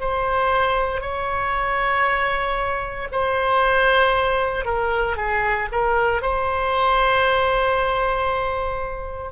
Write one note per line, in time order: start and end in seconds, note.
0.00 1.01 C5
1.01 3.08 C#5
3.12 4.65 C5
4.65 5.17 A#4
5.17 5.68 G#4
5.72 6.22 A#4
6.22 9.32 C5